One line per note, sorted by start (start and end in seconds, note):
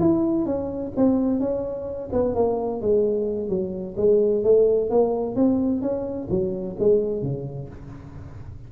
0.00 0.46 E4
0.46 0.92 C#4
0.97 1.40 C4
1.40 2.10 C#4
2.13 2.35 B3
2.35 2.82 A#3
2.82 3.49 G#3
3.49 3.96 F#3
3.97 4.44 G#3
4.44 4.90 A3
4.90 5.36 A#3
5.36 5.82 C4
5.82 6.29 C#4
6.30 6.77 F#3
6.79 7.23 G#3
7.23 7.69 C#3